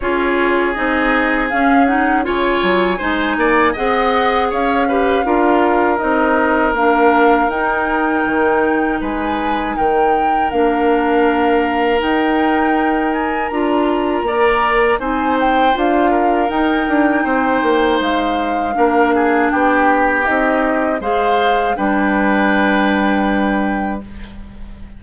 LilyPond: <<
  \new Staff \with { instrumentName = "flute" } { \time 4/4 \tempo 4 = 80 cis''4 dis''4 f''8 fis''8 gis''4~ | gis''4 fis''4 f''2 | dis''4 f''4 g''2 | gis''4 g''4 f''2 |
g''4. gis''8 ais''2 | gis''8 g''8 f''4 g''2 | f''2 g''4 dis''4 | f''4 g''2. | }
  \new Staff \with { instrumentName = "oboe" } { \time 4/4 gis'2. cis''4 | c''8 d''8 dis''4 cis''8 b'8 ais'4~ | ais'1 | b'4 ais'2.~ |
ais'2. d''4 | c''4. ais'4. c''4~ | c''4 ais'8 gis'8 g'2 | c''4 b'2. | }
  \new Staff \with { instrumentName = "clarinet" } { \time 4/4 f'4 dis'4 cis'8 dis'8 f'4 | dis'4 gis'4. g'8 f'4 | dis'4 d'4 dis'2~ | dis'2 d'2 |
dis'2 f'4 ais'4 | dis'4 f'4 dis'2~ | dis'4 d'2 dis'4 | gis'4 d'2. | }
  \new Staff \with { instrumentName = "bassoon" } { \time 4/4 cis'4 c'4 cis'4 cis8 fis8 | gis8 ais8 c'4 cis'4 d'4 | c'4 ais4 dis'4 dis4 | gis4 dis4 ais2 |
dis'2 d'4 ais4 | c'4 d'4 dis'8 d'8 c'8 ais8 | gis4 ais4 b4 c'4 | gis4 g2. | }
>>